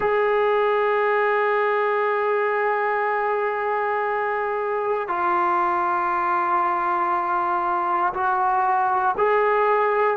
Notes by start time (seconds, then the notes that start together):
0.00 G#4
5.08 F4
8.13 F#4
9.17 G#4